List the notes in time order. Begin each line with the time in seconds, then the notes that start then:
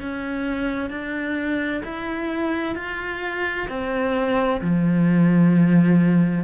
0.00 C#4
0.90 D4
1.85 E4
2.76 F4
3.69 C4
4.61 F3